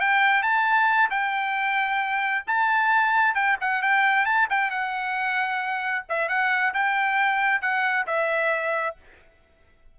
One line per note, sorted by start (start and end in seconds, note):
0.00 0.43 G5
0.43 1.10 A5
1.10 2.44 G5
2.47 3.35 A5
3.35 3.57 G5
3.60 3.82 F#5
3.82 4.25 G5
4.25 4.48 A5
4.50 4.70 G5
4.70 6.05 F#5
6.09 6.28 E5
6.28 6.73 F#5
6.73 7.61 G5
7.61 8.06 F#5
8.07 8.96 E5